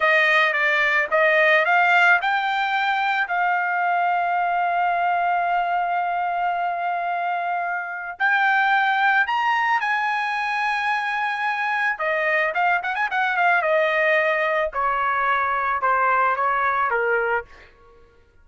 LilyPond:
\new Staff \with { instrumentName = "trumpet" } { \time 4/4 \tempo 4 = 110 dis''4 d''4 dis''4 f''4 | g''2 f''2~ | f''1~ | f''2. g''4~ |
g''4 ais''4 gis''2~ | gis''2 dis''4 f''8 fis''16 gis''16 | fis''8 f''8 dis''2 cis''4~ | cis''4 c''4 cis''4 ais'4 | }